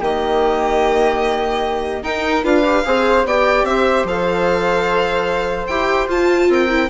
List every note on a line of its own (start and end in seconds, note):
0.00 2.02 D#3
0.00 2.04 A#3
0.00 2.03 G4
0.00 2.04 D#5
2.02 2.43 D#4
2.02 2.44 D#4
2.02 2.44 A#4
2.02 2.44 G5
2.44 2.85 D4
2.44 2.64 F4
2.44 2.84 B4
2.44 3.26 F5
2.64 2.84 G4
2.85 3.25 C4
2.85 3.26 G#4
2.85 3.27 C5
3.25 3.64 B3
3.25 4.08 G4
3.25 3.68 D5
3.25 3.65 G5
3.64 4.04 C4
3.64 6.49 C5
3.64 4.06 E5
4.04 5.66 F3
4.04 5.70 A4
4.04 5.67 F5
5.67 6.08 E4
5.67 6.07 G4
5.67 6.07 G5
6.07 6.68 F4
6.07 6.48 F4
6.07 6.51 A5
6.49 6.89 C4
6.49 6.90 A#4
6.49 6.90 G5
6.69 6.89 E4